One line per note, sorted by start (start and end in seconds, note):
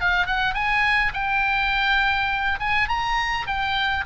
0.00 0.26 F5
0.26 0.54 F#5
0.54 1.12 G#5
1.13 2.59 G5
2.59 2.88 G#5
2.88 3.46 A#5
3.46 4.05 G5